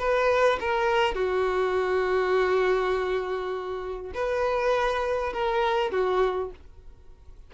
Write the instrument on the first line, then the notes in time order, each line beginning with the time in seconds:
violin
0.00 B4
0.61 A#4
1.15 F#4
4.15 B4
5.34 A#4
5.92 F#4